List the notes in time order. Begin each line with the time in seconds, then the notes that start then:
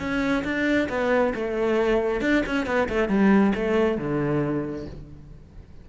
0.00 C#4
0.45 D4
0.90 B3
1.35 A3
2.22 D4
2.47 C#4
2.67 B3
2.90 A3
3.09 G3
3.56 A3
3.98 D3